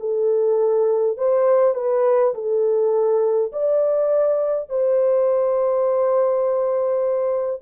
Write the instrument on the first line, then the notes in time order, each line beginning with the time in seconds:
horn
0.00 A4
1.18 C5
1.75 B4
2.34 A4
3.52 D5
4.70 C5